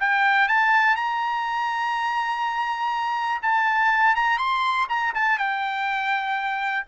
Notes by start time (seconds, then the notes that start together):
0.00 G5
0.49 A5
0.96 A#5
3.42 A5
4.16 A#5
4.38 C6
4.89 A#5
5.15 A5
5.38 G5